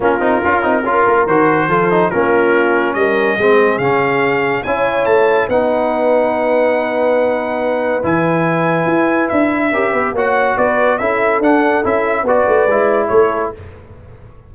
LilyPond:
<<
  \new Staff \with { instrumentName = "trumpet" } { \time 4/4 \tempo 4 = 142 ais'2. c''4~ | c''4 ais'2 dis''4~ | dis''4 f''2 gis''4 | a''4 fis''2.~ |
fis''2. gis''4~ | gis''2 e''2 | fis''4 d''4 e''4 fis''4 | e''4 d''2 cis''4 | }
  \new Staff \with { instrumentName = "horn" } { \time 4/4 f'2 ais'2 | a'4 f'2 ais'4 | gis'2. cis''4~ | cis''4 b'2.~ |
b'1~ | b'2. ais'8 b'8 | cis''4 b'4 a'2~ | a'4 b'2 a'4 | }
  \new Staff \with { instrumentName = "trombone" } { \time 4/4 cis'8 dis'8 f'8 dis'8 f'4 fis'4 | f'8 dis'8 cis'2. | c'4 cis'2 e'4~ | e'4 dis'2.~ |
dis'2. e'4~ | e'2. g'4 | fis'2 e'4 d'4 | e'4 fis'4 e'2 | }
  \new Staff \with { instrumentName = "tuba" } { \time 4/4 ais8 c'8 cis'8 c'8 cis'8 ais8 dis4 | f4 ais2 g4 | gis4 cis2 cis'4 | a4 b2.~ |
b2. e4~ | e4 e'4 d'4 cis'8 b8 | ais4 b4 cis'4 d'4 | cis'4 b8 a8 gis4 a4 | }
>>